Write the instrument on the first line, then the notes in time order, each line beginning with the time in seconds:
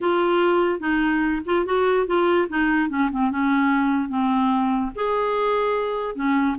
clarinet
0.01 F4
0.79 D#4
1.45 F4
1.65 F#4
2.06 F4
2.48 D#4
2.89 C#4
3.11 C4
3.31 C#4
4.09 C4
4.95 G#4
6.15 C#4